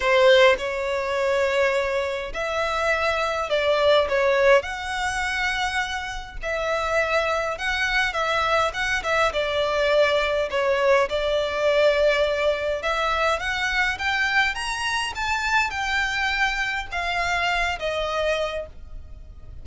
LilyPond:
\new Staff \with { instrumentName = "violin" } { \time 4/4 \tempo 4 = 103 c''4 cis''2. | e''2 d''4 cis''4 | fis''2. e''4~ | e''4 fis''4 e''4 fis''8 e''8 |
d''2 cis''4 d''4~ | d''2 e''4 fis''4 | g''4 ais''4 a''4 g''4~ | g''4 f''4. dis''4. | }